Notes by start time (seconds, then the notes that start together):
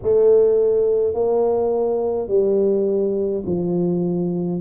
0.02 A3
1.13 A#3
2.28 G3
3.46 F3